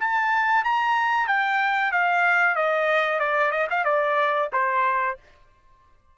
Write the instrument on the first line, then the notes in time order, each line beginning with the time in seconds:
trumpet
0.00 A5
0.64 A#5
1.27 G5
1.92 F5
2.56 D#5
3.20 D5
3.51 D#5
3.70 F5
3.85 D5
4.53 C5